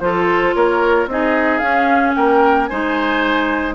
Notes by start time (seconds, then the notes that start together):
0.00 F3 F4 A4 C5
0.54 A#3 A#4 C#5
1.07 C4 D#4 G#4 D#5
1.58 C#4 F5
2.15 A#3 A#4 G5
2.66 G#3 D#4 C5 G#5